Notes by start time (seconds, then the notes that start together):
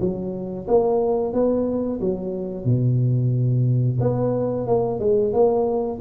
0.00 F#3
0.68 A#3
1.33 B3
2.00 F#3
2.65 B2
4.00 B3
4.66 A#3
4.99 G#3
5.33 A#3